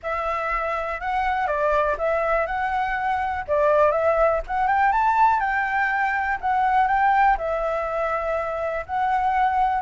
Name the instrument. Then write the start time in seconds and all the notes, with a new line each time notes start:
flute
0.02 E5
1.00 F#5
1.47 D5
1.98 E5
2.46 F#5
3.47 D5
3.91 E5
4.47 F#5
4.67 G5
4.92 A5
5.40 G5
6.40 F#5
6.87 G5
7.37 E5
8.86 F#5